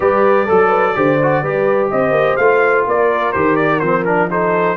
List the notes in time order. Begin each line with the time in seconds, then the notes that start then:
0.00 G3 G4 B4 D5
0.45 F#3 A4
0.67 B4
0.95 D3 G4 C5
1.22 F#4
1.42 G3 G4 B4
1.90 C4 C5 D#5
2.11 A#3
2.36 A3 F4 F5
2.86 A#3 A#4 D5
3.32 D#3 G4 C5
3.56 D5
3.79 F3 C4 C5
4.04 D4 A#4
4.30 D#4 A4 C5